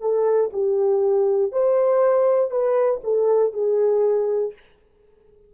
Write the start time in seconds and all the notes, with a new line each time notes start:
0.00 A4
0.53 G4
1.51 C5
2.50 B4
3.03 A4
3.53 G#4